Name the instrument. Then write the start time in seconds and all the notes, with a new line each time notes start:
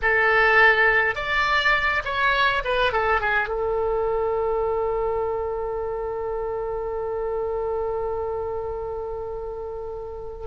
oboe
0.02 A4
1.15 D5
2.04 C#5
2.64 B4
2.92 A4
3.20 G#4
3.48 A4